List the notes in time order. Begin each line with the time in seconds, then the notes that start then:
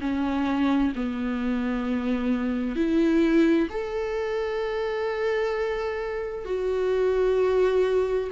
0.00 C#4
0.95 B3
2.76 E4
3.70 A4
6.45 F#4